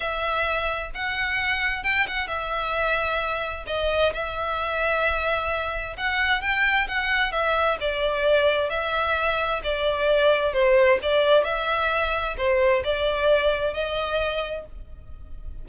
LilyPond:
\new Staff \with { instrumentName = "violin" } { \time 4/4 \tempo 4 = 131 e''2 fis''2 | g''8 fis''8 e''2. | dis''4 e''2.~ | e''4 fis''4 g''4 fis''4 |
e''4 d''2 e''4~ | e''4 d''2 c''4 | d''4 e''2 c''4 | d''2 dis''2 | }